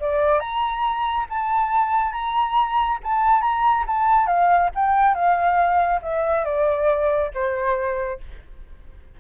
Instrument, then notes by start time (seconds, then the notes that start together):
flute
0.00 D5
0.40 A#5
1.29 A5
2.12 A#5
3.03 A5
3.41 A#5
3.87 A5
4.26 F5
4.75 G5
5.14 F5
6.02 E5
6.45 D5
7.34 C5